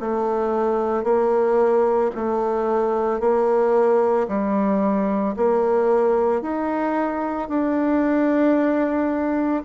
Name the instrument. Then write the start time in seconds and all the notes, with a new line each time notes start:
bassoon
0.00 A3
1.04 A#3
2.15 A3
3.20 A#3
4.29 G3
5.37 A#3
6.42 D#4
7.49 D4